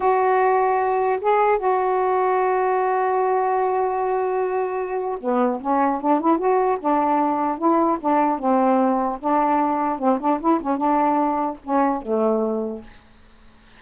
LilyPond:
\new Staff \with { instrumentName = "saxophone" } { \time 4/4 \tempo 4 = 150 fis'2. gis'4 | fis'1~ | fis'1~ | fis'4 b4 cis'4 d'8 e'8 |
fis'4 d'2 e'4 | d'4 c'2 d'4~ | d'4 c'8 d'8 e'8 cis'8 d'4~ | d'4 cis'4 a2 | }